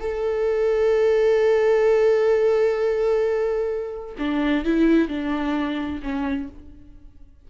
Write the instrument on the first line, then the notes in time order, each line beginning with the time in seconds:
viola
0.00 A4
4.19 D4
4.65 E4
5.08 D4
6.02 C#4